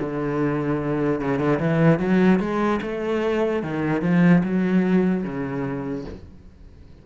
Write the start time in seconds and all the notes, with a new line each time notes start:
0.00 D3
1.21 C#3
1.39 D3
1.60 E3
1.99 F#3
2.40 G#3
2.82 A3
3.63 D#3
4.02 F3
4.44 F#3
5.24 C#3